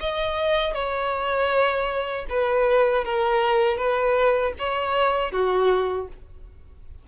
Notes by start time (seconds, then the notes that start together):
0.00 D#5
0.74 C#5
2.29 B4
3.04 A#4
3.77 B4
4.58 C#5
5.32 F#4